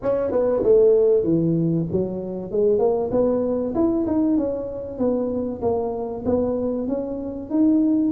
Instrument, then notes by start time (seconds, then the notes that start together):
tuba
0.02 C#4
0.31 B3
0.62 A3
1.23 E3
1.91 F#3
2.51 G#3
2.78 A#3
3.11 B3
3.74 E4
4.06 D#4
4.37 C#4
4.98 B3
5.61 A#3
6.25 B3
6.88 C#4
7.50 D#4